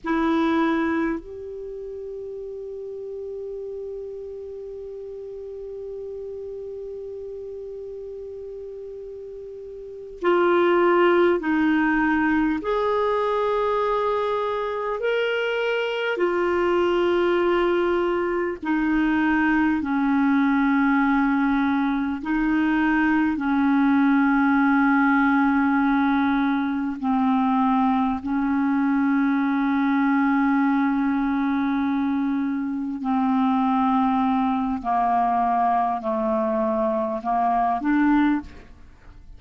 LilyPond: \new Staff \with { instrumentName = "clarinet" } { \time 4/4 \tempo 4 = 50 e'4 g'2.~ | g'1~ | g'8 f'4 dis'4 gis'4.~ | gis'8 ais'4 f'2 dis'8~ |
dis'8 cis'2 dis'4 cis'8~ | cis'2~ cis'8 c'4 cis'8~ | cis'2.~ cis'8 c'8~ | c'4 ais4 a4 ais8 d'8 | }